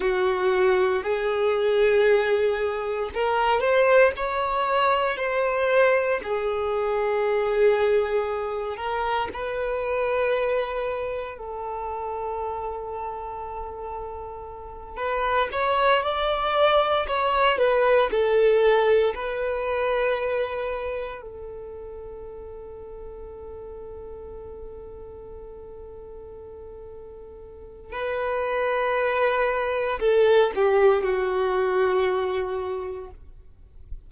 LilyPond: \new Staff \with { instrumentName = "violin" } { \time 4/4 \tempo 4 = 58 fis'4 gis'2 ais'8 c''8 | cis''4 c''4 gis'2~ | gis'8 ais'8 b'2 a'4~ | a'2~ a'8 b'8 cis''8 d''8~ |
d''8 cis''8 b'8 a'4 b'4.~ | b'8 a'2.~ a'8~ | a'2. b'4~ | b'4 a'8 g'8 fis'2 | }